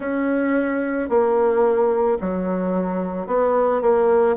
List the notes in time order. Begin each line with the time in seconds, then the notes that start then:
0.00 C#4
1.09 A#3
2.20 F#3
3.27 B3
3.81 A#3